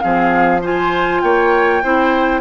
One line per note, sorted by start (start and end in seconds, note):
0.00 1.22 F3
0.00 0.61 C4
0.00 0.61 G#4
0.00 0.60 F5
0.61 1.83 F4
0.61 1.21 C5
0.61 1.20 G#5
1.20 1.82 A#3
1.20 1.83 C#5
1.20 2.40 G5
1.83 2.41 C4
1.83 2.41 E4
1.83 2.41 C5